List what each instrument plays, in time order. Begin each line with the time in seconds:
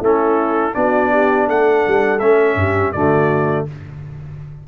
0.00 tuba A3, trombone C#4, horn E4, trumpet A4
0.73 tuba B3, trombone D4, horn F#4, trumpet D5
1.11 horn G4
1.48 tuba A3, horn A4, trumpet F#5
1.87 tuba G3
2.19 tuba A3, trombone C#4, trumpet E5
2.55 tuba G2, horn G4
2.92 tuba D3, trombone A3, horn F#4, trumpet D5